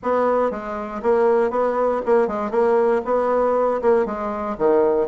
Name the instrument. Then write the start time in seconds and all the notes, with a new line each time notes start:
bassoon
0.02 B3
0.50 G#3
1.02 A#3
1.50 B3
2.05 A#3
2.27 G#3
2.50 A#3
3.04 B3
3.81 A#3
4.05 G#3
4.58 D#3